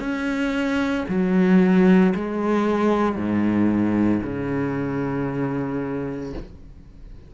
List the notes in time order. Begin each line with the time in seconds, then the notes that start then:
0.00 C#4
1.09 F#3
2.15 G#3
3.16 G#2
4.23 C#3